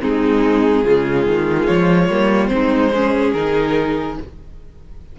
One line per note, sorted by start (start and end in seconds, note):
0.00 0.84 G#3
0.00 0.83 C4
0.00 0.84 D#4
0.00 1.66 G#4
0.84 1.26 C#3
0.84 2.10 G#3
0.84 2.51 F4
1.26 1.68 D#3
1.66 2.09 F3
1.66 2.47 C#5
2.09 2.51 G3
2.09 2.48 A#3
2.47 3.34 G#3
2.47 2.89 C4
2.47 3.30 C5
2.53 2.94 D#4
2.94 3.36 C#4
2.94 4.19 G#4
3.33 4.17 D#3
3.33 4.19 D#4
3.33 4.16 A#4